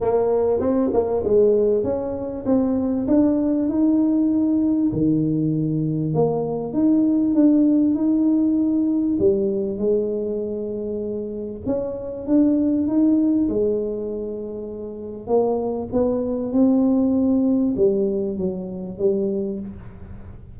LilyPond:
\new Staff \with { instrumentName = "tuba" } { \time 4/4 \tempo 4 = 98 ais4 c'8 ais8 gis4 cis'4 | c'4 d'4 dis'2 | dis2 ais4 dis'4 | d'4 dis'2 g4 |
gis2. cis'4 | d'4 dis'4 gis2~ | gis4 ais4 b4 c'4~ | c'4 g4 fis4 g4 | }